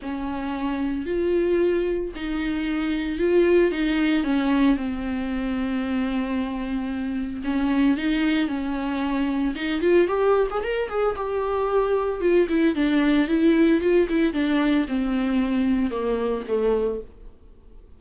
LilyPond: \new Staff \with { instrumentName = "viola" } { \time 4/4 \tempo 4 = 113 cis'2 f'2 | dis'2 f'4 dis'4 | cis'4 c'2.~ | c'2 cis'4 dis'4 |
cis'2 dis'8 f'8 g'8. gis'16 | ais'8 gis'8 g'2 f'8 e'8 | d'4 e'4 f'8 e'8 d'4 | c'2 ais4 a4 | }